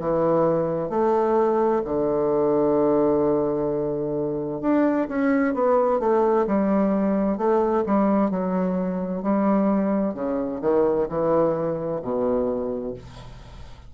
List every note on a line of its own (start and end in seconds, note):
0.00 0.90 E3
0.90 1.83 A3
1.85 4.62 D3
4.62 5.08 D4
5.09 5.55 C#4
5.55 6.00 B3
6.00 6.47 A3
6.47 7.38 G3
7.38 7.84 A3
7.86 8.31 G3
8.31 9.23 F#3
9.23 10.15 G3
10.15 10.61 C#3
10.62 11.08 D#3
11.09 12.02 E3
12.03 12.95 B2